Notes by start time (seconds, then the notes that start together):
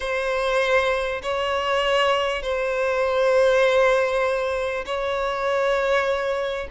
0.00 C5
1.22 C#5
2.42 C5
4.85 C#5